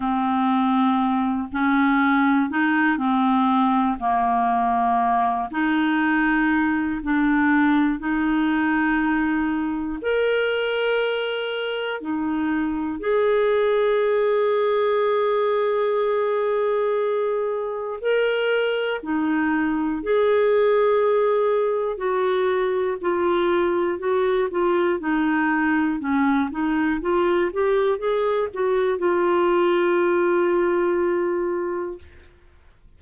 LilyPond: \new Staff \with { instrumentName = "clarinet" } { \time 4/4 \tempo 4 = 60 c'4. cis'4 dis'8 c'4 | ais4. dis'4. d'4 | dis'2 ais'2 | dis'4 gis'2.~ |
gis'2 ais'4 dis'4 | gis'2 fis'4 f'4 | fis'8 f'8 dis'4 cis'8 dis'8 f'8 g'8 | gis'8 fis'8 f'2. | }